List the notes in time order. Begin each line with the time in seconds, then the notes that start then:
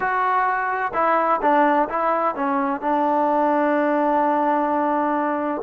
0.00 F#4
0.93 E4
1.41 D4
1.89 E4
2.35 C#4
2.80 D4